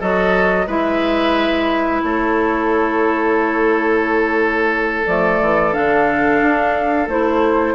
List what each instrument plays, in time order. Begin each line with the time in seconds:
0.00 bassoon F#3, clarinet F#4, oboe A4, flute D#5
0.67 bassoon G#3, clarinet E4, oboe B4, flute E5
2.03 bassoon A3, oboe A4, flute C#5
5.06 bassoon F3, clarinet A3, flute D5
5.41 bassoon E3
5.72 bassoon D3, clarinet D4, flute F5
6.42 bassoon D4
7.07 bassoon A3, clarinet E4, flute C5